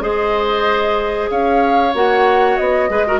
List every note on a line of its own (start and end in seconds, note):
0.00 1.28 G#3
0.00 1.92 G#4
0.00 1.30 C5
0.00 1.29 D#5
1.30 1.93 C#4
1.30 2.90 C#5
1.30 1.94 F5
1.93 2.57 A#3
1.93 2.89 F#4
1.93 2.57 F#5
2.57 2.89 B3
2.57 3.20 D#5
2.89 3.20 G#3
2.89 3.05 G#4
2.89 3.06 B4
3.06 3.20 F#4
3.06 3.20 A#4